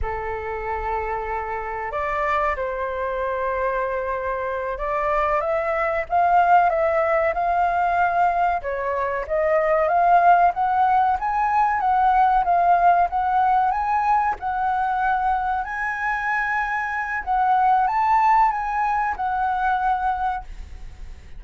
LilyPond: \new Staff \with { instrumentName = "flute" } { \time 4/4 \tempo 4 = 94 a'2. d''4 | c''2.~ c''8 d''8~ | d''8 e''4 f''4 e''4 f''8~ | f''4. cis''4 dis''4 f''8~ |
f''8 fis''4 gis''4 fis''4 f''8~ | f''8 fis''4 gis''4 fis''4.~ | fis''8 gis''2~ gis''8 fis''4 | a''4 gis''4 fis''2 | }